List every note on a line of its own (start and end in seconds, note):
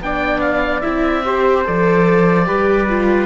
0.00 0.82 B3
0.00 0.82 D4
0.00 1.26 D5
0.00 0.40 G5
0.40 0.81 F5
0.81 1.67 C4
0.81 1.23 E4
0.81 1.63 E5
1.24 1.65 G4
1.24 2.47 C5
1.65 2.49 F3
1.65 2.45 A4
1.65 3.26 D5
2.45 3.26 G3
2.45 2.86 G4
2.45 3.26 B4
2.89 3.26 F4